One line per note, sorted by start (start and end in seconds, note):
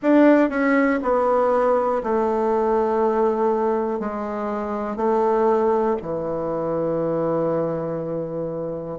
0.02 0.50 D4
0.50 1.00 C#4
1.02 2.02 B3
2.03 4.00 A3
4.00 4.96 G#3
4.96 5.96 A3
6.01 8.99 E3